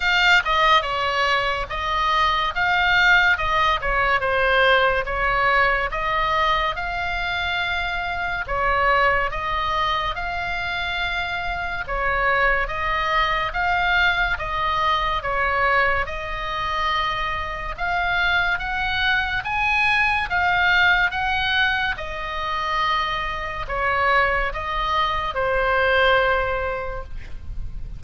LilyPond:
\new Staff \with { instrumentName = "oboe" } { \time 4/4 \tempo 4 = 71 f''8 dis''8 cis''4 dis''4 f''4 | dis''8 cis''8 c''4 cis''4 dis''4 | f''2 cis''4 dis''4 | f''2 cis''4 dis''4 |
f''4 dis''4 cis''4 dis''4~ | dis''4 f''4 fis''4 gis''4 | f''4 fis''4 dis''2 | cis''4 dis''4 c''2 | }